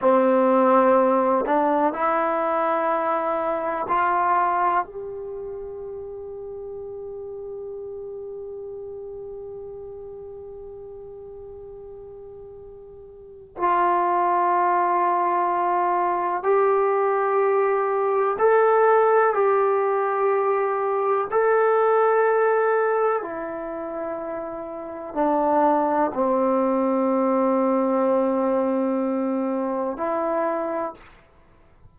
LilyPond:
\new Staff \with { instrumentName = "trombone" } { \time 4/4 \tempo 4 = 62 c'4. d'8 e'2 | f'4 g'2.~ | g'1~ | g'2 f'2~ |
f'4 g'2 a'4 | g'2 a'2 | e'2 d'4 c'4~ | c'2. e'4 | }